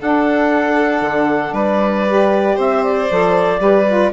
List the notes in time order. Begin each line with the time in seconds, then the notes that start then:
0.00 D4 A4 F#5
1.01 D3
1.52 G3 B4 D5
2.07 G4
2.56 C4 C5 E5
2.83 D5
3.10 F3 A4
3.58 G3 G4 B4
3.87 F4